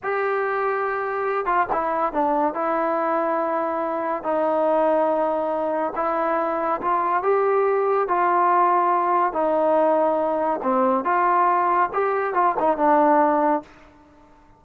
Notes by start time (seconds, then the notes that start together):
0.03 G4
1.45 F4
1.72 E4
2.13 D4
2.53 E4
4.23 D#4
5.95 E4
6.81 F4
7.22 G4
8.08 F4
9.32 D#4
10.62 C4
11.04 F4
11.93 G4
12.33 F4
12.59 D#4
12.77 D4